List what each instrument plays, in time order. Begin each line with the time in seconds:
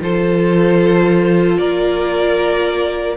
0.00 cello F3, viola F4, violin A4 C5
1.58 cello A#3, violin A#4 D5